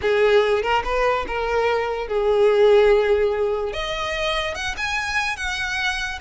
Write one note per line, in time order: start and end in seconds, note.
0.01 0.62 G#4
0.62 0.83 A#4
0.84 1.25 B4
1.27 2.07 A#4
2.07 3.73 G#4
3.73 4.54 D#5
4.54 4.75 F#5
4.77 5.36 G#5
5.36 6.19 F#5